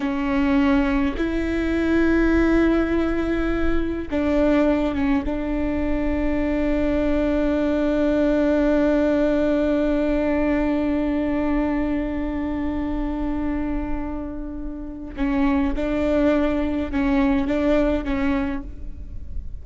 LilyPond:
\new Staff \with { instrumentName = "viola" } { \time 4/4 \tempo 4 = 103 cis'2 e'2~ | e'2. d'4~ | d'8 cis'8 d'2.~ | d'1~ |
d'1~ | d'1~ | d'2 cis'4 d'4~ | d'4 cis'4 d'4 cis'4 | }